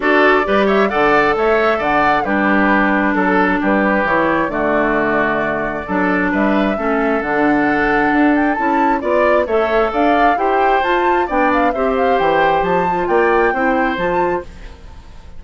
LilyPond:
<<
  \new Staff \with { instrumentName = "flute" } { \time 4/4 \tempo 4 = 133 d''4. e''8 fis''4 e''4 | fis''4 b'2 a'4 | b'4 cis''4 d''2~ | d''2 e''2 |
fis''2~ fis''8 g''8 a''4 | d''4 e''4 f''4 g''4 | a''4 g''8 f''8 e''8 f''8 g''4 | a''4 g''2 a''4 | }
  \new Staff \with { instrumentName = "oboe" } { \time 4/4 a'4 b'8 cis''8 d''4 cis''4 | d''4 g'2 a'4 | g'2 fis'2~ | fis'4 a'4 b'4 a'4~ |
a'1 | d''4 cis''4 d''4 c''4~ | c''4 d''4 c''2~ | c''4 d''4 c''2 | }
  \new Staff \with { instrumentName = "clarinet" } { \time 4/4 fis'4 g'4 a'2~ | a'4 d'2.~ | d'4 e'4 a2~ | a4 d'2 cis'4 |
d'2. e'4 | f'4 a'2 g'4 | f'4 d'4 g'2~ | g'8 f'4. e'4 f'4 | }
  \new Staff \with { instrumentName = "bassoon" } { \time 4/4 d'4 g4 d4 a4 | d4 g2 fis4 | g4 e4 d2~ | d4 fis4 g4 a4 |
d2 d'4 cis'4 | b4 a4 d'4 e'4 | f'4 b4 c'4 e4 | f4 ais4 c'4 f4 | }
>>